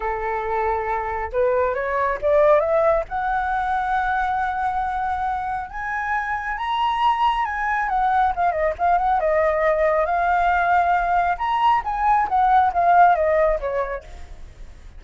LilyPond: \new Staff \with { instrumentName = "flute" } { \time 4/4 \tempo 4 = 137 a'2. b'4 | cis''4 d''4 e''4 fis''4~ | fis''1~ | fis''4 gis''2 ais''4~ |
ais''4 gis''4 fis''4 f''8 dis''8 | f''8 fis''8 dis''2 f''4~ | f''2 ais''4 gis''4 | fis''4 f''4 dis''4 cis''4 | }